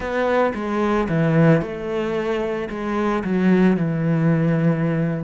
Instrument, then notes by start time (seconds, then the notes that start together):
cello
0.00 B3
0.54 G#3
1.09 E3
1.61 A3
2.69 G#3
3.23 F#3
3.76 E3